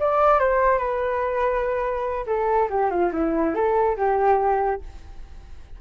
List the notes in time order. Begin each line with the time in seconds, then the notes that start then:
0.00 D5
0.40 C5
0.79 B4
2.27 A4
2.70 G4
2.91 F4
3.13 E4
3.55 A4
3.97 G4